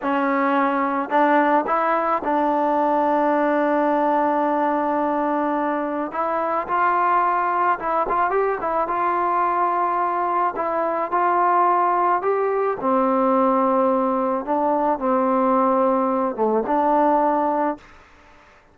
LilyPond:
\new Staff \with { instrumentName = "trombone" } { \time 4/4 \tempo 4 = 108 cis'2 d'4 e'4 | d'1~ | d'2. e'4 | f'2 e'8 f'8 g'8 e'8 |
f'2. e'4 | f'2 g'4 c'4~ | c'2 d'4 c'4~ | c'4. a8 d'2 | }